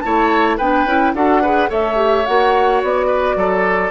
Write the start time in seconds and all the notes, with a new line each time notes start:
0.00 A3 E4 C#5 A5
0.57 B3 D4 B4 G5
0.85 C#4 E4
1.14 D4 F#4 A4 F#5
1.41 G#4 B4
1.68 A3 A4 C#5 E5
1.96 G4
2.26 A#3 F#4 F#5
2.83 B3 D5
3.07 B4
3.36 F#3 A4